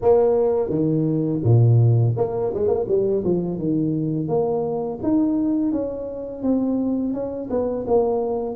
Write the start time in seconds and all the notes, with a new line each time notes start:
0.01 A#3
0.69 D#3
1.43 A#2
2.17 A#3
2.54 G#3
2.68 A#3
2.87 G3
3.24 F3
3.58 D#3
4.28 A#3
5.02 D#4
5.72 C#4
6.42 C4
7.13 C#4
7.50 B3
7.87 A#3